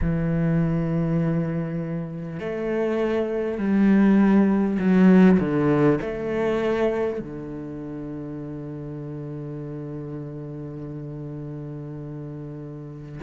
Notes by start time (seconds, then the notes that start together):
0.01 E3
2.39 A3
3.58 G3
4.79 F#3
5.39 D3
6.01 A3
7.20 D3